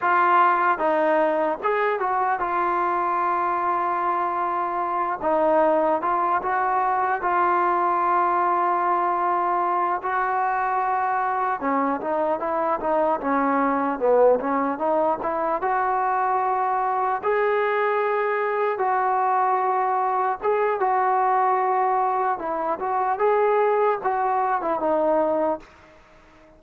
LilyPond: \new Staff \with { instrumentName = "trombone" } { \time 4/4 \tempo 4 = 75 f'4 dis'4 gis'8 fis'8 f'4~ | f'2~ f'8 dis'4 f'8 | fis'4 f'2.~ | f'8 fis'2 cis'8 dis'8 e'8 |
dis'8 cis'4 b8 cis'8 dis'8 e'8 fis'8~ | fis'4. gis'2 fis'8~ | fis'4. gis'8 fis'2 | e'8 fis'8 gis'4 fis'8. e'16 dis'4 | }